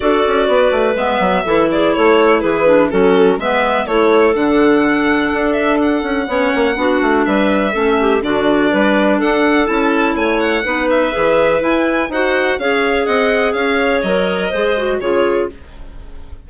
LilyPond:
<<
  \new Staff \with { instrumentName = "violin" } { \time 4/4 \tempo 4 = 124 d''2 e''4. d''8 | cis''4 b'4 a'4 e''4 | cis''4 fis''2~ fis''8 e''8 | fis''2. e''4~ |
e''4 d''2 fis''4 | a''4 gis''8 fis''4 e''4. | gis''4 fis''4 f''4 fis''4 | f''4 dis''2 cis''4 | }
  \new Staff \with { instrumentName = "clarinet" } { \time 4/4 a'4 b'2 a'8 gis'8 | a'4 gis'4 fis'4 b'4 | a'1~ | a'4 cis''4 fis'4 b'4 |
a'8 g'8 fis'4 b'4 a'4~ | a'4 cis''4 b'2~ | b'4 c''4 cis''4 dis''4 | cis''2 c''4 gis'4 | }
  \new Staff \with { instrumentName = "clarinet" } { \time 4/4 fis'2 b4 e'4~ | e'4. d'8 cis'4 b4 | e'4 d'2.~ | d'4 cis'4 d'2 |
cis'4 d'2. | e'2 dis'4 gis'4 | e'4 fis'4 gis'2~ | gis'4 ais'4 gis'8 fis'8 f'4 | }
  \new Staff \with { instrumentName = "bassoon" } { \time 4/4 d'8 cis'8 b8 a8 gis8 fis8 e4 | a4 e4 fis4 gis4 | a4 d2 d'4~ | d'8 cis'8 b8 ais8 b8 a8 g4 |
a4 d4 g4 d'4 | cis'4 a4 b4 e4 | e'4 dis'4 cis'4 c'4 | cis'4 fis4 gis4 cis4 | }
>>